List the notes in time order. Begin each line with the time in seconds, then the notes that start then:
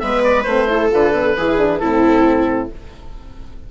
0.00 G#3 B3 B4 E5
0.24 D5
0.43 A3 C4 C5
0.68 E4 A4
0.91 D3 F4 B4
1.15 B3
1.37 E3 E4 G#4
1.58 D4
1.79 A2 C4 E4 A4